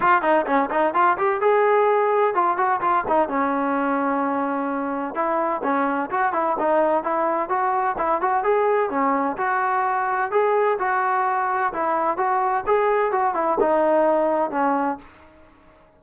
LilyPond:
\new Staff \with { instrumentName = "trombone" } { \time 4/4 \tempo 4 = 128 f'8 dis'8 cis'8 dis'8 f'8 g'8 gis'4~ | gis'4 f'8 fis'8 f'8 dis'8 cis'4~ | cis'2. e'4 | cis'4 fis'8 e'8 dis'4 e'4 |
fis'4 e'8 fis'8 gis'4 cis'4 | fis'2 gis'4 fis'4~ | fis'4 e'4 fis'4 gis'4 | fis'8 e'8 dis'2 cis'4 | }